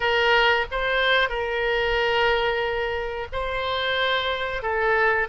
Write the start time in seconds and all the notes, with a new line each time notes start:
0.00 A#4
0.71 C5
1.29 A#4
3.32 C5
4.62 A4